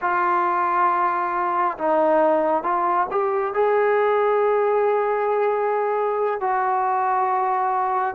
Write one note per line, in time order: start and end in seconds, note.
0.01 1.77 F4
1.78 2.63 D#4
2.63 3.07 F4
3.10 3.53 G4
3.53 6.40 G#4
6.40 8.15 F#4